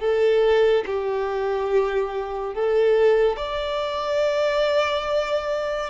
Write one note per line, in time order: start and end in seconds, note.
0.00 0.85 A4
0.87 2.55 G4
2.55 3.37 A4
3.37 5.91 D5